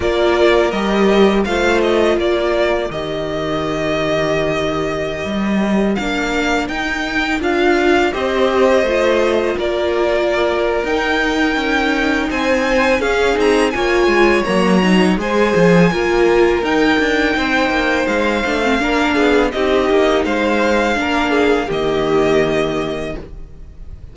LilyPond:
<<
  \new Staff \with { instrumentName = "violin" } { \time 4/4 \tempo 4 = 83 d''4 dis''4 f''8 dis''8 d''4 | dis''1~ | dis''16 f''4 g''4 f''4 dis''8.~ | dis''4~ dis''16 d''4.~ d''16 g''4~ |
g''4 gis''4 f''8 ais''8 gis''4 | ais''4 gis''2 g''4~ | g''4 f''2 dis''4 | f''2 dis''2 | }
  \new Staff \with { instrumentName = "violin" } { \time 4/4 ais'2 c''4 ais'4~ | ais'1~ | ais'2.~ ais'16 c''8.~ | c''4~ c''16 ais'2~ ais'8.~ |
ais'4 c''4 gis'4 cis''4~ | cis''4 c''4 ais'2 | c''2 ais'8 gis'8 g'4 | c''4 ais'8 gis'8 g'2 | }
  \new Staff \with { instrumentName = "viola" } { \time 4/4 f'4 g'4 f'2 | g'1~ | g'16 d'4 dis'4 f'4 g'8.~ | g'16 f'2~ f'8. dis'4~ |
dis'2 cis'8 dis'8 f'4 | ais8 dis'8 gis'4 f'4 dis'4~ | dis'4. d'16 c'16 d'4 dis'4~ | dis'4 d'4 ais2 | }
  \new Staff \with { instrumentName = "cello" } { \time 4/4 ais4 g4 a4 ais4 | dis2.~ dis16 g8.~ | g16 ais4 dis'4 d'4 c'8.~ | c'16 a4 ais4.~ ais16 dis'4 |
cis'4 c'4 cis'8 c'8 ais8 gis8 | fis4 gis8 f8 ais4 dis'8 d'8 | c'8 ais8 gis8 a8 ais8 b8 c'8 ais8 | gis4 ais4 dis2 | }
>>